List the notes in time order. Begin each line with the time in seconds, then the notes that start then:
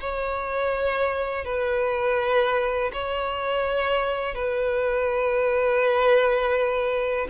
0.00 C#5
1.45 B4
2.93 C#5
4.35 B4